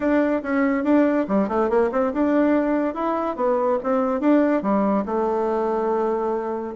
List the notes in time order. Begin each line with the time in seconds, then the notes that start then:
0.00 D4
0.42 C#4
0.84 D4
1.28 G3
1.48 A3
1.69 A#3
1.91 C4
2.13 D4
2.94 E4
3.36 B3
3.83 C4
4.20 D4
4.62 G3
5.05 A3